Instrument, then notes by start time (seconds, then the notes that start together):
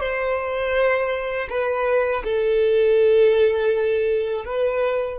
violin
0.00 C5
1.49 B4
2.24 A4
4.45 B4